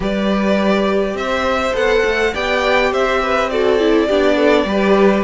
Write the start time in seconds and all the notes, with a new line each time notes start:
0.00 G3 G4 B4 D5
1.13 C4 C5 E5
1.73 B3 A4 F#5
2.04 A3
2.33 B3 G4 D5 G5
2.92 C4 C5 E5
3.22 B4
3.49 F#4 A4 D5
3.79 E4
4.07 B3 D4 G4
4.36 A4
4.64 G3 G4 B4